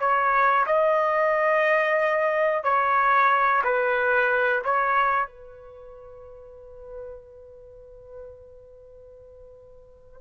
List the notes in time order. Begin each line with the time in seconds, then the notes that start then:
0.00 C#5
0.67 D#5
2.64 C#5
3.64 B4
4.65 C#5
5.27 B4